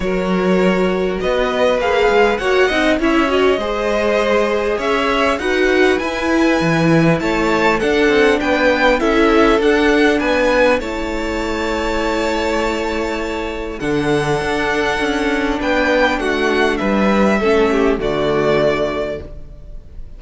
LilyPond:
<<
  \new Staff \with { instrumentName = "violin" } { \time 4/4 \tempo 4 = 100 cis''2 dis''4 f''4 | fis''4 e''8 dis''2~ dis''8 | e''4 fis''4 gis''2 | a''4 fis''4 g''4 e''4 |
fis''4 gis''4 a''2~ | a''2. fis''4~ | fis''2 g''4 fis''4 | e''2 d''2 | }
  \new Staff \with { instrumentName = "violin" } { \time 4/4 ais'2 b'2 | cis''8 dis''8 cis''4 c''2 | cis''4 b'2. | cis''4 a'4 b'4 a'4~ |
a'4 b'4 cis''2~ | cis''2. a'4~ | a'2 b'4 fis'4 | b'4 a'8 g'8 fis'2 | }
  \new Staff \with { instrumentName = "viola" } { \time 4/4 fis'2. gis'4 | fis'8 dis'8 e'8 fis'8 gis'2~ | gis'4 fis'4 e'2~ | e'4 d'2 e'4 |
d'2 e'2~ | e'2. d'4~ | d'1~ | d'4 cis'4 a2 | }
  \new Staff \with { instrumentName = "cello" } { \time 4/4 fis2 b4 ais8 gis8 | ais8 c'8 cis'4 gis2 | cis'4 dis'4 e'4 e4 | a4 d'8 c'8 b4 cis'4 |
d'4 b4 a2~ | a2. d4 | d'4 cis'4 b4 a4 | g4 a4 d2 | }
>>